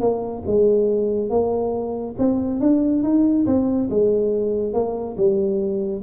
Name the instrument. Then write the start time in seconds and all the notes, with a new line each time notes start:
tuba
0.00 A#3
0.46 G#3
1.30 A#3
2.18 C4
2.60 D4
3.03 D#4
3.46 C4
3.90 G#3
4.73 A#3
5.17 G3